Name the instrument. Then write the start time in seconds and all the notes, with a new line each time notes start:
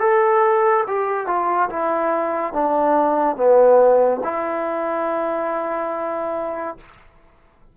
trombone
0.00 A4
0.87 G4
1.27 F4
1.70 E4
2.54 D4
3.36 B3
4.24 E4